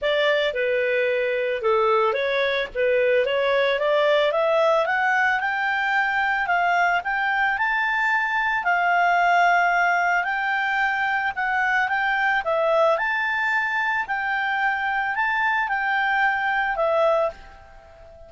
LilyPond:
\new Staff \with { instrumentName = "clarinet" } { \time 4/4 \tempo 4 = 111 d''4 b'2 a'4 | cis''4 b'4 cis''4 d''4 | e''4 fis''4 g''2 | f''4 g''4 a''2 |
f''2. g''4~ | g''4 fis''4 g''4 e''4 | a''2 g''2 | a''4 g''2 e''4 | }